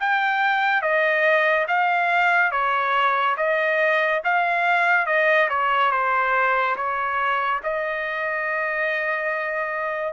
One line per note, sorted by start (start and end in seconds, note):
0.00 0.82 G5
0.82 1.66 D#5
1.68 2.52 F5
2.52 3.36 C#5
3.37 4.22 D#5
4.24 5.07 F5
5.07 5.49 D#5
5.50 5.92 C#5
5.92 6.76 C5
6.76 7.61 C#5
7.64 10.13 D#5